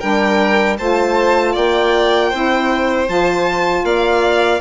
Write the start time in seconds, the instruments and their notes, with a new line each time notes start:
0.00 bassoon G3, saxophone D4, violin A#4 G5
0.79 bassoon A3, saxophone F4, violin C5 A5
1.53 bassoon A#3, violin D5 G5
2.30 bassoon C4, saxophone E4, violin C5
3.06 bassoon F3, saxophone F4, violin A5
3.84 bassoon A#3, violin D5 F5